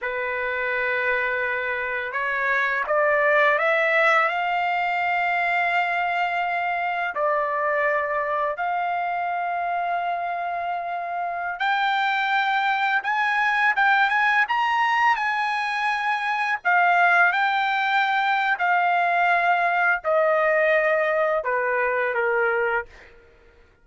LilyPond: \new Staff \with { instrumentName = "trumpet" } { \time 4/4 \tempo 4 = 84 b'2. cis''4 | d''4 e''4 f''2~ | f''2 d''2 | f''1~ |
f''16 g''2 gis''4 g''8 gis''16~ | gis''16 ais''4 gis''2 f''8.~ | f''16 g''4.~ g''16 f''2 | dis''2 b'4 ais'4 | }